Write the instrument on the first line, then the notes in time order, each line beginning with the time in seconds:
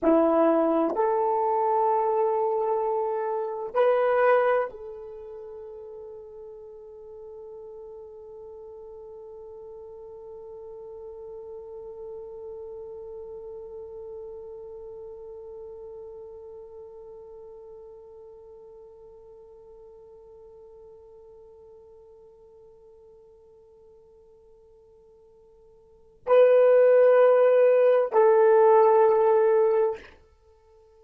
horn
0.02 E4
0.95 A4
3.73 B4
4.70 A4
26.26 B4
28.12 A4